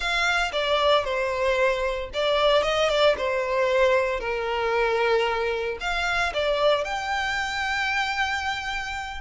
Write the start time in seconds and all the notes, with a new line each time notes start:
0.00 F5
0.52 D5
1.04 C5
2.13 D5
2.62 D#5
2.89 D5
3.17 C5
4.20 A#4
5.80 F5
6.33 D5
6.84 G5